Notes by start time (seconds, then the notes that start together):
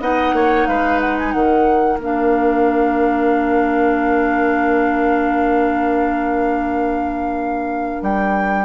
0.00 B3 D#4 D#5 F#5
0.32 A#3 C#5
0.66 G#3 B4 F5
1.00 F#5
1.18 G#5
1.32 D#3 A#4 F#5
1.96 A#3 D4
2.03 F5
8.02 G3 G5